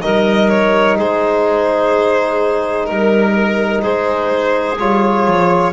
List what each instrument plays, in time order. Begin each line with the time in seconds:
0.00 double bass G3, trombone D#4, clarinet A#4, violin D#5
0.49 violin C#5
0.97 double bass G#3, clarinet G#4, violin C5
2.85 double bass G3, violin A#4, clarinet A#4
3.81 double bass G#3, clarinet G#4, violin C5
4.79 double bass G3, trombone F4, violin C#5
5.27 double bass F3